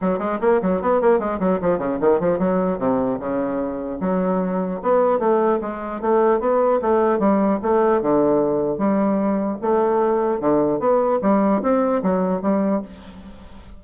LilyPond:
\new Staff \with { instrumentName = "bassoon" } { \time 4/4 \tempo 4 = 150 fis8 gis8 ais8 fis8 b8 ais8 gis8 fis8 | f8 cis8 dis8 f8 fis4 c4 | cis2 fis2 | b4 a4 gis4 a4 |
b4 a4 g4 a4 | d2 g2 | a2 d4 b4 | g4 c'4 fis4 g4 | }